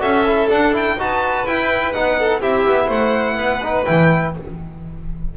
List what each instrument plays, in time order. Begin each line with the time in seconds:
0.00 double bass C#4, trombone F#4, violin A4 E5
0.27 trombone E4
0.49 trombone D4, double bass D4, violin F#5
0.72 trombone E4, violin G5
0.97 double bass D#4, trombone F#4, violin B4 A5
1.46 double bass E4, trombone E4, violin G5
1.92 double bass B3, trombone D#4, violin F#5
2.19 violin A4
2.41 double bass C4, trombone E4, violin G4 E5
2.66 double bass B3
2.86 double bass A3, violin C5 F#5
3.36 double bass B3, violin B4
3.62 trombone D#4
3.85 double bass E3, trombone E4, violin G5